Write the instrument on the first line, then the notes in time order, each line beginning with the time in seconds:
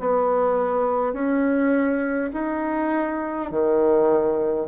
bassoon
0.00 B3
1.13 C#4
2.34 D#4
3.51 D#3